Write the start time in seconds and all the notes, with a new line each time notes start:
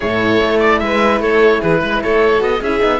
0.00 A2 E4 A4 C#5
0.41 A3
0.59 D5
0.79 G#3 B4 E5
1.20 A3 A4 C#5
1.61 E3 G#4 B4
1.80 G#3 B4
2.02 A3 A4 C#5
2.38 B3 F#4 D#5
2.61 C#4 E4 G#4 E5
2.80 B3 D#4